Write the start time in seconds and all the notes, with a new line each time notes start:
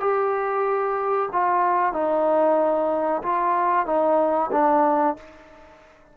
0.00 G4
1.32 F4
1.93 D#4
3.22 F4
3.86 D#4
4.52 D4